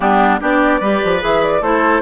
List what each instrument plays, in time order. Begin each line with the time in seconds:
0.00 bassoon G3, clarinet B3, oboe D4, flute G4
0.40 bassoon B3, clarinet D4, oboe G4, flute D5
0.80 bassoon G3, clarinet G4, oboe B4
1.03 bassoon F3
1.20 bassoon E3, clarinet G#4, flute E5
1.43 flute D5
1.61 bassoon A3, clarinet E4, oboe A4, flute C5